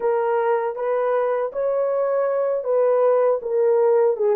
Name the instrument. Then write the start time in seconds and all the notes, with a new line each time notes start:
horn
0.00 A#4
0.75 B4
1.52 C#5
2.64 B4
3.42 A#4
4.16 G#4